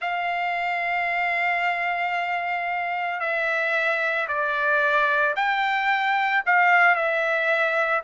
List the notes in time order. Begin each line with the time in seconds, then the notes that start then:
0.00 F5
3.19 E5
4.28 D5
5.36 G5
6.46 F5
6.94 E5